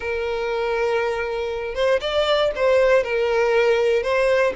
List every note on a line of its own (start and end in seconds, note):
0.00 1.75 A#4
1.75 2.00 C5
2.01 2.51 D5
2.55 3.03 C5
3.03 4.02 A#4
4.02 4.53 C5